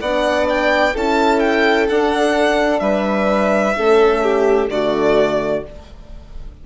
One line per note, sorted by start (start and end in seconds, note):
0.00 0.94 B3
0.00 0.94 D4
0.00 0.93 D5
0.00 0.47 F#5
0.49 0.96 G5
0.93 1.89 C#4
0.93 1.88 E4
0.93 2.81 A4
0.93 1.40 A5
1.40 1.87 G5
1.88 3.75 D4
1.88 2.81 D4
1.88 2.79 F#5
2.79 3.74 G3
2.79 3.76 B4
2.79 4.67 E5
3.77 4.68 A3
3.77 4.70 C#4
3.77 4.23 A4
4.23 4.70 G4
4.68 5.62 D3
4.68 5.64 A3
4.68 5.66 F#4
4.68 5.63 D5